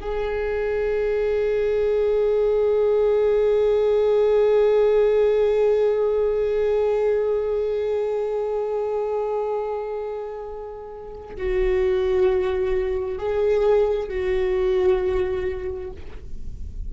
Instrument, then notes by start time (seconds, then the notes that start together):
viola
0.00 G#4
11.37 F#4
13.18 G#4
14.09 F#4